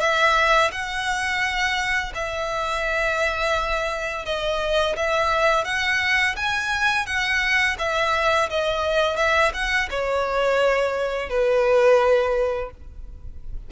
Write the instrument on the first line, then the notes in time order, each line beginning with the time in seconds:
violin
0.00 E5
0.71 F#5
2.14 E5
4.25 D#5
4.96 E5
5.64 F#5
6.36 G#5
7.06 F#5
7.78 E5
8.49 D#5
9.16 E5
9.54 F#5
9.90 C#5
11.29 B4